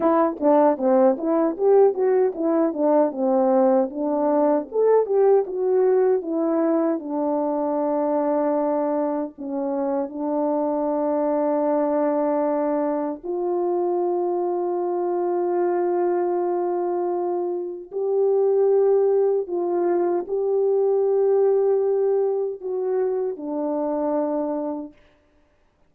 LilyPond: \new Staff \with { instrumentName = "horn" } { \time 4/4 \tempo 4 = 77 e'8 d'8 c'8 e'8 g'8 fis'8 e'8 d'8 | c'4 d'4 a'8 g'8 fis'4 | e'4 d'2. | cis'4 d'2.~ |
d'4 f'2.~ | f'2. g'4~ | g'4 f'4 g'2~ | g'4 fis'4 d'2 | }